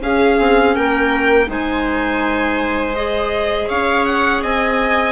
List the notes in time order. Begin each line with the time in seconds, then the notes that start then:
0.00 C#4 G#4 F5
0.39 C4
0.75 A#3 A#4 G5
1.46 G#3 D#4 C5 G#5
2.95 G#4 D#5
3.69 C#4 C#5 F5
4.06 F#5
4.43 C4 D#5 G#5